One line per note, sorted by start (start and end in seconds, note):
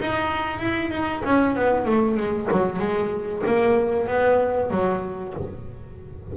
0.00 0.60 D#4
0.60 0.91 E4
0.91 1.23 D#4
1.25 1.56 C#4
1.56 1.85 B3
1.85 2.17 A3
2.17 2.49 G#3
2.52 2.79 F#3
2.79 3.42 G#3
3.46 4.07 A#3
4.07 4.71 B3
4.71 5.34 F#3